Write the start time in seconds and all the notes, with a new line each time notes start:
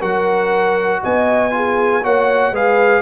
0.00 F#3 F#4 A#4 F#5
1.03 B3 D#5 G#5
1.51 F4 G#4
2.03 A#3 F#4 C#5 F#5
2.51 G#3 G#4 B4 F5